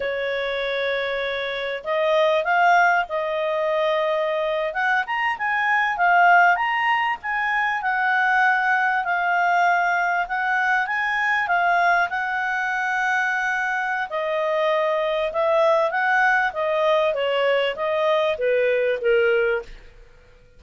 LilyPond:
\new Staff \with { instrumentName = "clarinet" } { \time 4/4 \tempo 4 = 98 cis''2. dis''4 | f''4 dis''2~ dis''8. fis''16~ | fis''16 ais''8 gis''4 f''4 ais''4 gis''16~ | gis''8. fis''2 f''4~ f''16~ |
f''8. fis''4 gis''4 f''4 fis''16~ | fis''2. dis''4~ | dis''4 e''4 fis''4 dis''4 | cis''4 dis''4 b'4 ais'4 | }